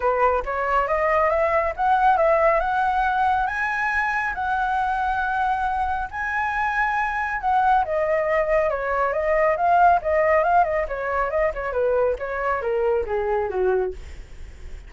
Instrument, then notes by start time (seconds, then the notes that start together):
flute
0.00 B4
0.45 C#5
0.87 D#5
1.29 E5
1.76 F#5
2.17 E5
2.60 F#5
3.46 G#5
4.34 F#5
6.11 G#5
7.41 F#5
7.84 D#5
8.70 C#5
9.12 D#5
9.56 F5
10.02 D#5
10.43 F5
10.64 D#5
10.88 C#5
11.30 D#5
11.54 C#5
11.72 B4
12.19 C#5
12.61 A#4
13.06 G#4
13.49 F#4